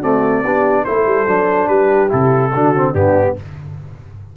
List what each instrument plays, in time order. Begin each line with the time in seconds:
0.00 trombone A3, tuba C4, horn F#4, trumpet D5
0.43 tuba B3, trombone D4, horn G4
0.85 tuba A3, trombone E4, horn A4, trumpet C5
1.06 tuba G3
1.27 tuba F#3, trombone D4
1.68 tuba G3, horn G4, trumpet B4
2.09 tuba C3, trombone E4, trumpet A4
2.54 tuba D3, trombone D4, horn F#4
2.76 trombone C4
2.93 tuba G2, trombone B3, horn D4, trumpet G4